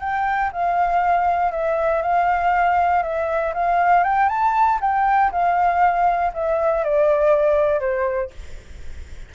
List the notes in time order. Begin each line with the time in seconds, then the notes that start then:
0.00 G5
0.52 F5
1.51 E5
2.02 F5
3.03 E5
3.54 F5
4.04 G5
4.29 A5
4.81 G5
5.31 F5
6.33 E5
6.84 D5
7.80 C5